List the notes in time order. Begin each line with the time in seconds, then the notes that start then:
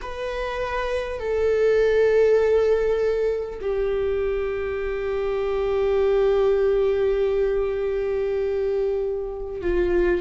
0.01 B4
1.19 A4
3.61 G4
9.61 F4